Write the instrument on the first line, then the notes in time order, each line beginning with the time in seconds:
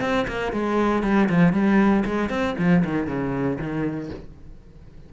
cello
0.00 C4
0.28 A#3
0.52 G#3
1.03 G3
1.29 F3
1.52 G3
2.05 G#3
2.29 C4
2.58 F3
2.84 D#3
3.07 C#3
3.58 D#3